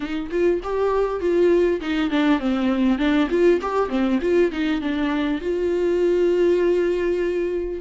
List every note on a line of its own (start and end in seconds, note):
0.00 0.29 D#4
0.31 0.61 F4
0.63 1.20 G4
1.20 1.80 F4
1.80 2.10 D#4
2.10 2.39 D4
2.39 2.98 C4
2.98 3.28 D4
3.30 3.60 F4
3.61 3.89 G4
3.89 4.19 C4
4.21 4.51 F4
4.51 4.81 D#4
4.81 5.41 D4
5.41 7.80 F4